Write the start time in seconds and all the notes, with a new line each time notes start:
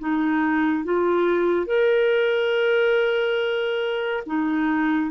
0.00 D#4
0.85 F4
1.67 A#4
4.27 D#4